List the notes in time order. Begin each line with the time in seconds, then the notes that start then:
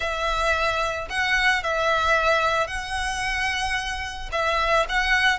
0.00 E5
1.09 F#5
1.63 E5
2.67 F#5
4.31 E5
4.88 F#5